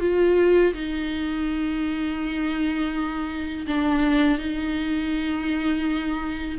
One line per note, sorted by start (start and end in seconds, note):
0.00 0.73 F4
0.74 3.66 D#4
3.67 4.38 D4
4.38 6.58 D#4